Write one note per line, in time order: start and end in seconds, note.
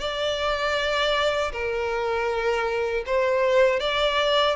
0.00 1.52 D5
1.52 3.04 A#4
3.07 3.80 C5
3.80 4.56 D5